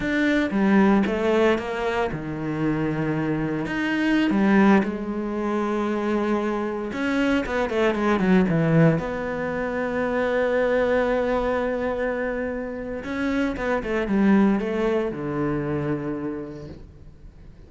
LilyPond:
\new Staff \with { instrumentName = "cello" } { \time 4/4 \tempo 4 = 115 d'4 g4 a4 ais4 | dis2. dis'4~ | dis'16 g4 gis2~ gis8.~ | gis4~ gis16 cis'4 b8 a8 gis8 fis16~ |
fis16 e4 b2~ b8.~ | b1~ | b4 cis'4 b8 a8 g4 | a4 d2. | }